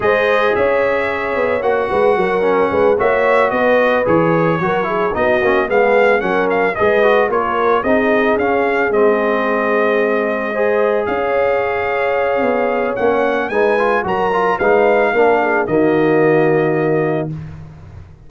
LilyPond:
<<
  \new Staff \with { instrumentName = "trumpet" } { \time 4/4 \tempo 4 = 111 dis''4 e''2 fis''4~ | fis''4. e''4 dis''4 cis''8~ | cis''4. dis''4 f''4 fis''8 | f''8 dis''4 cis''4 dis''4 f''8~ |
f''8 dis''2.~ dis''8~ | dis''8 f''2.~ f''8 | fis''4 gis''4 ais''4 f''4~ | f''4 dis''2. | }
  \new Staff \with { instrumentName = "horn" } { \time 4/4 c''4 cis''2~ cis''8 b'8 | ais'4 b'8 cis''4 b'4.~ | b'8 ais'8 gis'8 fis'4 gis'4 ais'8~ | ais'8 b'4 ais'4 gis'4.~ |
gis'2.~ gis'8 c''8~ | c''8 cis''2.~ cis''8~ | cis''4 b'4 ais'4 b'4 | ais'8 gis'8 fis'2. | }
  \new Staff \with { instrumentName = "trombone" } { \time 4/4 gis'2. fis'4~ | fis'8 cis'4 fis'2 gis'8~ | gis'8 fis'8 e'8 dis'8 cis'8 b4 cis'8~ | cis'8 gis'8 fis'8 f'4 dis'4 cis'8~ |
cis'8 c'2. gis'8~ | gis'1 | cis'4 dis'8 f'8 fis'8 f'8 dis'4 | d'4 ais2. | }
  \new Staff \with { instrumentName = "tuba" } { \time 4/4 gis4 cis'4. b8 ais8 gis8 | fis4 gis8 ais4 b4 e8~ | e8 fis4 b8 ais8 gis4 fis8~ | fis8 gis4 ais4 c'4 cis'8~ |
cis'8 gis2.~ gis8~ | gis8 cis'2~ cis'8 b4 | ais4 gis4 fis4 gis4 | ais4 dis2. | }
>>